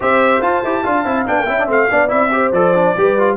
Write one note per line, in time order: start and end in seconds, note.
0.00 0.40 C4
0.00 0.42 G4
0.00 0.82 C5
0.00 0.42 E5
0.40 0.62 F4
0.40 0.63 F4
0.40 1.26 A5
0.63 0.85 E4
0.63 0.84 G4
0.82 1.04 D4
0.82 1.05 F4
0.82 1.46 F5
1.04 1.25 C4
1.04 1.26 E4
1.26 1.39 B3
1.26 1.47 D4
1.26 1.68 G5
1.39 1.47 A#3
1.46 1.68 C#4
1.46 1.59 E4
1.46 1.88 E5
1.59 1.67 D4
1.67 1.89 A3
1.67 1.88 C4
1.67 2.09 F5
1.90 2.11 B3
1.90 2.08 D4
1.90 2.33 D5
2.08 2.52 C4
2.08 2.29 E4
2.08 2.52 E5
2.32 2.53 G4
2.32 2.98 C5
2.52 2.94 F3
2.52 2.74 A4
2.52 3.36 D5
2.74 2.96 D4
2.96 3.36 G3
2.96 3.18 G4
2.96 3.36 B4
3.18 3.36 F4